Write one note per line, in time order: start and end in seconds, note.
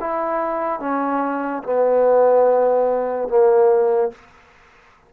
0.00 0.80 E4
0.80 1.63 C#4
1.63 3.28 B3
3.28 4.12 A#3